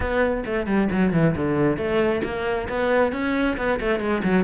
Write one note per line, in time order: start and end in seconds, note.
0.00 0.43 B3
0.45 0.66 A3
0.66 0.88 G3
0.91 1.13 F#3
1.13 1.35 E3
1.36 1.77 D3
1.77 2.21 A3
2.23 2.68 A#3
2.68 3.12 B3
3.12 3.56 C#4
3.57 3.79 B3
3.79 3.99 A3
3.99 4.22 G#3
4.23 4.44 F#3